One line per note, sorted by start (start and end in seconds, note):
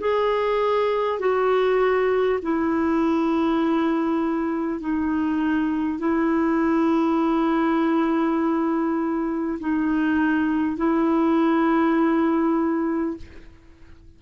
0.00 1.19 G#4
1.19 2.39 F#4
2.42 4.80 E4
4.80 5.99 D#4
5.99 9.59 E4
9.60 10.77 D#4
10.77 13.17 E4